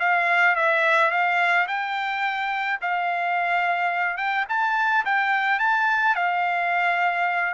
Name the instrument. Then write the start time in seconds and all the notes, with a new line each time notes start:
trumpet
0.00 F5
0.56 E5
1.11 F5
1.68 G5
2.81 F5
4.18 G5
4.49 A5
5.05 G5
5.59 A5
6.15 F5